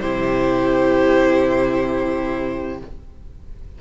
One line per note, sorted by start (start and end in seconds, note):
0.00 2.81 C3
0.00 2.80 E4
0.00 2.78 G4
0.00 2.79 C5